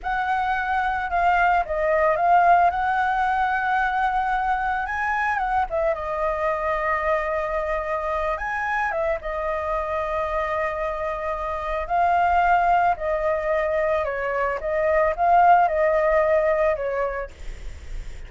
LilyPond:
\new Staff \with { instrumentName = "flute" } { \time 4/4 \tempo 4 = 111 fis''2 f''4 dis''4 | f''4 fis''2.~ | fis''4 gis''4 fis''8 e''8 dis''4~ | dis''2.~ dis''8 gis''8~ |
gis''8 e''8 dis''2.~ | dis''2 f''2 | dis''2 cis''4 dis''4 | f''4 dis''2 cis''4 | }